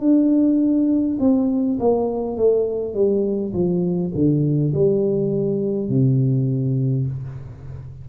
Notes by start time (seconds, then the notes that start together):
0.00 D4
1.19 C4
1.79 A#3
2.36 A3
2.94 G3
3.53 F3
4.14 D3
4.74 G3
5.89 C3